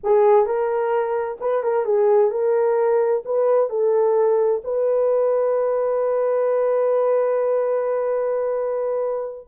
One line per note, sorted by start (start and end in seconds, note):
0.03 0.46 G#4
0.46 1.38 A#4
1.40 1.63 B4
1.63 1.85 A#4
1.85 2.31 G#4
2.31 3.23 A#4
3.25 3.69 B4
3.69 4.62 A4
4.63 9.48 B4